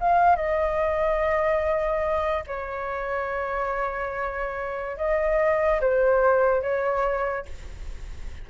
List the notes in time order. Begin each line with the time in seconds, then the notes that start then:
0.00 F5
0.36 D#5
2.47 C#5
4.97 D#5
5.81 C5
6.62 C#5